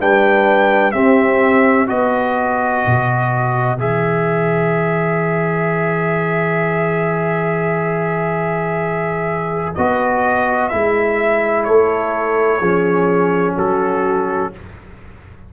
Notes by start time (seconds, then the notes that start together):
0.00 G3 D4 B4 G5
0.91 C4 G4 E5
1.87 B3 F#4 B4 D#5
2.87 B2
3.79 E3 G#4 E5
9.75 B3 F#4 D#5
10.68 G#3 E4 E5
11.64 A3 A4 C#5
12.59 F3 C#4 G#4
13.55 F#3 F#4 A4